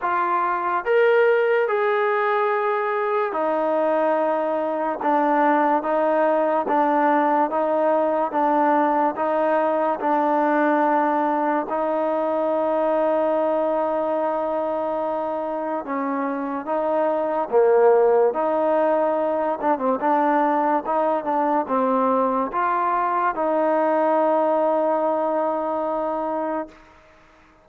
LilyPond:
\new Staff \with { instrumentName = "trombone" } { \time 4/4 \tempo 4 = 72 f'4 ais'4 gis'2 | dis'2 d'4 dis'4 | d'4 dis'4 d'4 dis'4 | d'2 dis'2~ |
dis'2. cis'4 | dis'4 ais4 dis'4. d'16 c'16 | d'4 dis'8 d'8 c'4 f'4 | dis'1 | }